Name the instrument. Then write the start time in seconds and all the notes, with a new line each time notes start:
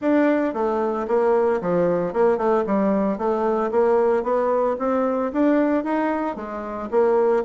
bassoon
0.01 D4
0.53 A3
1.07 A#3
1.61 F3
2.13 A#3
2.37 A3
2.66 G3
3.17 A3
3.71 A#3
4.23 B3
4.78 C4
5.32 D4
5.84 D#4
6.36 G#3
6.90 A#3